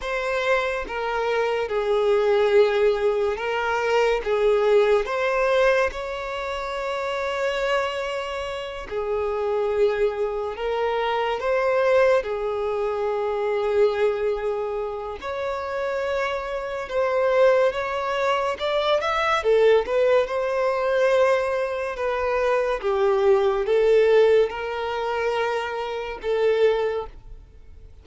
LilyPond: \new Staff \with { instrumentName = "violin" } { \time 4/4 \tempo 4 = 71 c''4 ais'4 gis'2 | ais'4 gis'4 c''4 cis''4~ | cis''2~ cis''8 gis'4.~ | gis'8 ais'4 c''4 gis'4.~ |
gis'2 cis''2 | c''4 cis''4 d''8 e''8 a'8 b'8 | c''2 b'4 g'4 | a'4 ais'2 a'4 | }